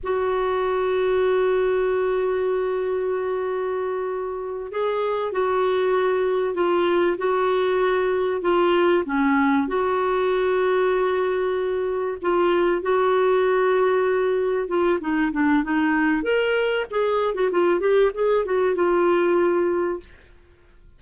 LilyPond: \new Staff \with { instrumentName = "clarinet" } { \time 4/4 \tempo 4 = 96 fis'1~ | fis'2.~ fis'8 gis'8~ | gis'8 fis'2 f'4 fis'8~ | fis'4. f'4 cis'4 fis'8~ |
fis'2.~ fis'8 f'8~ | f'8 fis'2. f'8 | dis'8 d'8 dis'4 ais'4 gis'8. fis'16 | f'8 g'8 gis'8 fis'8 f'2 | }